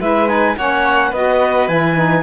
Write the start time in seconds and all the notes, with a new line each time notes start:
0.00 G#3 E4 B4 E5
0.27 D#4 G#5
0.57 A#3 C#4 C#5 F#5
1.09 B3 F#4 B4 D#5
1.68 E3 E4 G#5
1.96 D#4